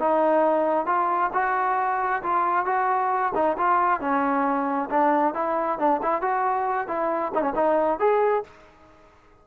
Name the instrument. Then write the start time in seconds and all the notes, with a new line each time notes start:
trombone
0.00 D#4
0.86 F4
1.34 F#4
2.23 F4
2.66 F#4
3.35 D#4
3.58 F4
4.01 C#4
4.91 D4
5.35 E4
5.79 D4
6.03 E4
6.22 F#4
6.88 E4
7.35 D#4
7.42 C#4
7.56 D#4
8.00 G#4